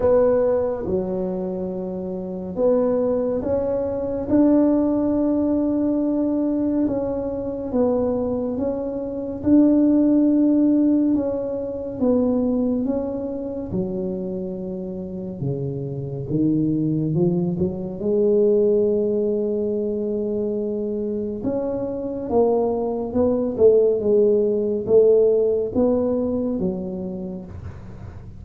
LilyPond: \new Staff \with { instrumentName = "tuba" } { \time 4/4 \tempo 4 = 70 b4 fis2 b4 | cis'4 d'2. | cis'4 b4 cis'4 d'4~ | d'4 cis'4 b4 cis'4 |
fis2 cis4 dis4 | f8 fis8 gis2.~ | gis4 cis'4 ais4 b8 a8 | gis4 a4 b4 fis4 | }